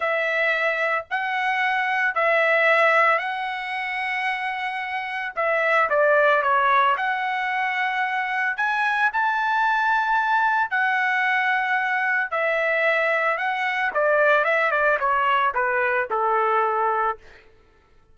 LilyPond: \new Staff \with { instrumentName = "trumpet" } { \time 4/4 \tempo 4 = 112 e''2 fis''2 | e''2 fis''2~ | fis''2 e''4 d''4 | cis''4 fis''2. |
gis''4 a''2. | fis''2. e''4~ | e''4 fis''4 d''4 e''8 d''8 | cis''4 b'4 a'2 | }